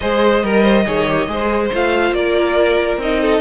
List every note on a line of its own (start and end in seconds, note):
0.00 0.43 G#3
0.00 0.43 G#4
0.00 0.44 C5
0.00 1.69 D#5
0.43 0.86 G3
0.43 0.62 A#4
0.43 0.86 A#4
0.62 0.84 C5
0.86 1.27 D#3
0.86 1.07 G#4
0.86 1.28 C#5
1.08 1.27 G4
1.27 1.70 G#3
1.27 1.70 G#4
1.27 2.16 C5
1.73 2.11 A3
1.73 3.00 F4
1.73 2.14 F5
2.11 2.97 A#3
2.11 3.21 A#4
2.11 2.99 D5
2.97 3.40 C4
2.97 3.40 D#4
2.97 3.40 D#5
3.21 3.40 A4